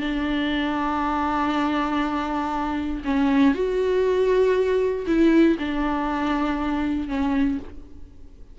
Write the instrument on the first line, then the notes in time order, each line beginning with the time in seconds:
viola
0.00 D4
3.04 C#4
3.54 F#4
5.06 E4
5.59 D4
7.08 C#4